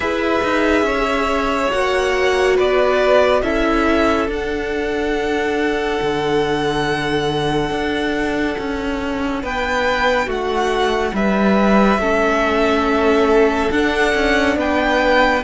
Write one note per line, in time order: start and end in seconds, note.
0.00 0.40 E4
0.00 1.71 G#4
0.00 0.85 B4
0.00 1.71 E5
0.43 0.81 D#4
0.81 1.67 C#4
0.81 2.56 C#5
1.71 2.58 A#3
1.71 3.42 F#4
1.71 2.56 F#5
2.56 3.42 B3
2.56 3.41 B4
2.56 3.42 D5
3.42 4.27 C#4
3.42 4.27 E4
3.42 9.42 A4
3.42 4.28 E5
4.27 11.99 D4
4.27 5.99 D4
4.27 9.44 F#5
6.01 7.70 D3
7.70 8.56 D4
8.57 9.43 C#4
9.42 10.26 B3
9.42 10.26 B4
9.42 10.29 G5
10.26 11.12 A3
10.26 11.11 F#4
10.26 11.15 F#5
11.13 11.98 G3
11.13 12.00 B4
11.13 13.71 E5
11.98 13.69 A3
11.98 13.71 C#4
11.98 14.57 A4
13.71 14.14 D4
13.71 15.43 D4
13.71 14.57 F#5
14.14 14.56 C#4
14.56 15.42 B3
14.56 15.43 B4
14.56 15.43 G5